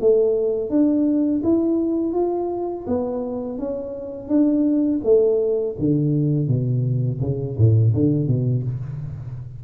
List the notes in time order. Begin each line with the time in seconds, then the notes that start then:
0.00 A3
0.69 D4
1.43 E4
2.13 F4
2.87 B3
3.58 C#4
4.28 D4
5.03 A3
5.79 D3
6.47 B2
7.20 C#3
7.57 A2
7.94 D3
8.27 B2